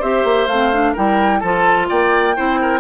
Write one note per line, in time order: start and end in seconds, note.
0.00 0.24 C4
0.00 0.49 G4
0.00 0.93 C5
0.00 0.48 E5
0.24 0.48 A#3
0.48 0.95 A3
0.48 0.73 C4
0.48 0.94 F5
0.73 0.96 D4
0.93 1.43 G3
0.93 1.43 E4
0.93 1.40 A#4
0.93 1.40 G5
1.40 1.90 F3
1.40 2.36 F4
1.40 1.88 A4
1.40 1.87 A5
1.89 2.38 A#3
1.89 2.36 D5
1.89 2.80 G5
2.36 2.80 C4
2.36 2.80 E4
2.36 2.60 C5
2.62 2.80 A#4